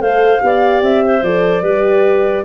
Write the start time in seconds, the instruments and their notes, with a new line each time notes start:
0.00 tuba A3, horn A4, clarinet C5, flute F5
0.40 tuba B3, horn G4, clarinet D5
0.82 tuba C4, flute E5
1.05 clarinet C5
1.23 tuba F3, horn A4, flute D5
1.62 tuba G3, horn G4, clarinet B4